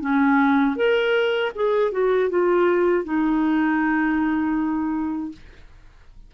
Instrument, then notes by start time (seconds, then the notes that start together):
clarinet
0.00 C#4
0.75 A#4
1.55 G#4
1.91 F#4
2.29 F4
3.04 D#4